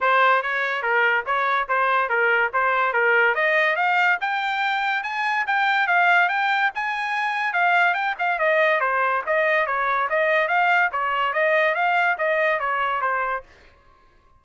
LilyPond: \new Staff \with { instrumentName = "trumpet" } { \time 4/4 \tempo 4 = 143 c''4 cis''4 ais'4 cis''4 | c''4 ais'4 c''4 ais'4 | dis''4 f''4 g''2 | gis''4 g''4 f''4 g''4 |
gis''2 f''4 g''8 f''8 | dis''4 c''4 dis''4 cis''4 | dis''4 f''4 cis''4 dis''4 | f''4 dis''4 cis''4 c''4 | }